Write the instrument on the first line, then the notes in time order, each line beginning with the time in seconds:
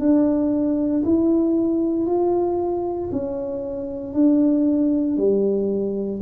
tuba
0.00 D4
1.05 E4
2.07 F4
3.13 C#4
4.14 D4
5.18 G3